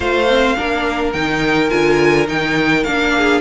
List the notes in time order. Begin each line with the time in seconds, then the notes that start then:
0.00 A3 F4 C5 F5
0.28 C4
0.55 A#3 D4 A#4
1.12 D#3 D#4 G5
1.69 D3 F4 G#5
2.27 D#3 D#4 G5
2.83 A#3 D4 F5
3.17 G#4